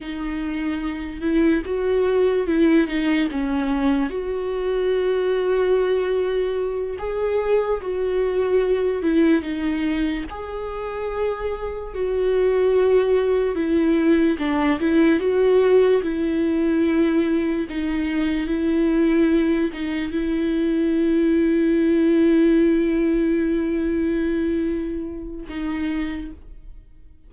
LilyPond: \new Staff \with { instrumentName = "viola" } { \time 4/4 \tempo 4 = 73 dis'4. e'8 fis'4 e'8 dis'8 | cis'4 fis'2.~ | fis'8 gis'4 fis'4. e'8 dis'8~ | dis'8 gis'2 fis'4.~ |
fis'8 e'4 d'8 e'8 fis'4 e'8~ | e'4. dis'4 e'4. | dis'8 e'2.~ e'8~ | e'2. dis'4 | }